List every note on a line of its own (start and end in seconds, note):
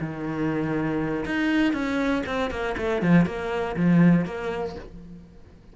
0.00 1.25 D#3
1.25 1.73 D#4
1.73 2.23 C#4
2.26 2.50 C4
2.50 2.75 A#3
2.77 3.02 A3
3.02 3.25 F3
3.25 3.75 A#3
3.76 4.25 F3
4.25 4.75 A#3